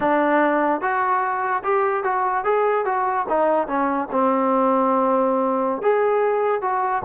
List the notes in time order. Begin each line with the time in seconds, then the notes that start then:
0.00 D4
0.81 F#4
1.63 G4
2.03 F#4
2.44 G#4
2.85 F#4
3.29 D#4
3.67 C#4
4.11 C4
5.82 G#4
6.61 F#4